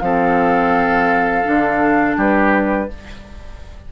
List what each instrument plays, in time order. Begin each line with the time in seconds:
0.00 bassoon F3, clarinet C4, oboe A4, flute F5
1.44 bassoon D3, clarinet D4
2.17 bassoon G3, oboe G4, flute B4